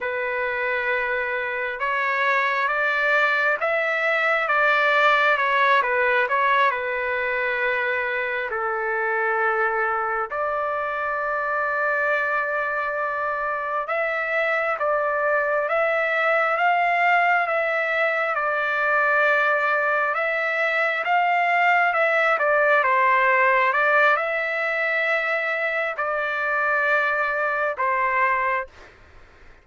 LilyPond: \new Staff \with { instrumentName = "trumpet" } { \time 4/4 \tempo 4 = 67 b'2 cis''4 d''4 | e''4 d''4 cis''8 b'8 cis''8 b'8~ | b'4. a'2 d''8~ | d''2.~ d''8 e''8~ |
e''8 d''4 e''4 f''4 e''8~ | e''8 d''2 e''4 f''8~ | f''8 e''8 d''8 c''4 d''8 e''4~ | e''4 d''2 c''4 | }